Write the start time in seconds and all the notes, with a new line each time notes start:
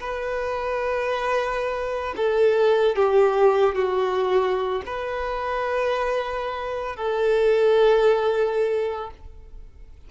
0.00 B4
2.16 A4
2.96 G4
3.75 F#4
4.86 B4
6.96 A4